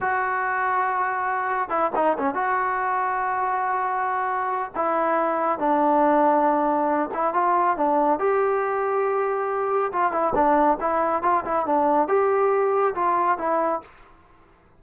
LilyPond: \new Staff \with { instrumentName = "trombone" } { \time 4/4 \tempo 4 = 139 fis'1 | e'8 dis'8 cis'8 fis'2~ fis'8~ | fis'2. e'4~ | e'4 d'2.~ |
d'8 e'8 f'4 d'4 g'4~ | g'2. f'8 e'8 | d'4 e'4 f'8 e'8 d'4 | g'2 f'4 e'4 | }